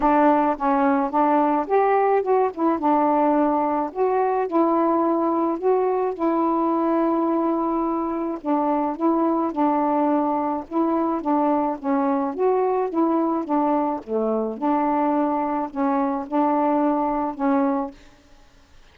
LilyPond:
\new Staff \with { instrumentName = "saxophone" } { \time 4/4 \tempo 4 = 107 d'4 cis'4 d'4 g'4 | fis'8 e'8 d'2 fis'4 | e'2 fis'4 e'4~ | e'2. d'4 |
e'4 d'2 e'4 | d'4 cis'4 fis'4 e'4 | d'4 a4 d'2 | cis'4 d'2 cis'4 | }